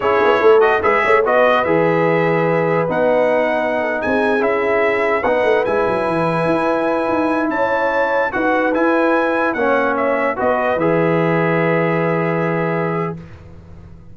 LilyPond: <<
  \new Staff \with { instrumentName = "trumpet" } { \time 4/4 \tempo 4 = 146 cis''4. dis''8 e''4 dis''4 | e''2. fis''4~ | fis''4.~ fis''16 gis''4 e''4~ e''16~ | e''8. fis''4 gis''2~ gis''16~ |
gis''2~ gis''16 a''4.~ a''16~ | a''16 fis''4 gis''2 fis''8.~ | fis''16 e''4 dis''4 e''4.~ e''16~ | e''1 | }
  \new Staff \with { instrumentName = "horn" } { \time 4/4 gis'4 a'4 b'8 cis''8 b'4~ | b'1~ | b'4~ b'16 a'8 gis'2~ gis'16~ | gis'8. b'2.~ b'16~ |
b'2~ b'16 cis''4.~ cis''16~ | cis''16 b'2. cis''8.~ | cis''4~ cis''16 b'2~ b'8.~ | b'1 | }
  \new Staff \with { instrumentName = "trombone" } { \time 4/4 e'4. fis'8 gis'4 fis'4 | gis'2. dis'4~ | dis'2~ dis'8. e'4~ e'16~ | e'8. dis'4 e'2~ e'16~ |
e'1~ | e'16 fis'4 e'2 cis'8.~ | cis'4~ cis'16 fis'4 gis'4.~ gis'16~ | gis'1 | }
  \new Staff \with { instrumentName = "tuba" } { \time 4/4 cis'8 b8 a4 gis8 a8 b4 | e2. b4~ | b4.~ b16 c'4 cis'4~ cis'16~ | cis'8. b8 a8 gis8 fis8 e4 e'16~ |
e'4~ e'16 dis'4 cis'4.~ cis'16~ | cis'16 dis'4 e'2 ais8.~ | ais4~ ais16 b4 e4.~ e16~ | e1 | }
>>